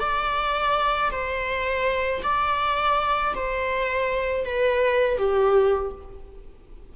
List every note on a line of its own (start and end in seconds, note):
0.00 1.11 D5
1.11 2.23 C5
2.24 3.35 D5
3.35 4.46 C5
4.46 5.18 B4
5.18 5.93 G4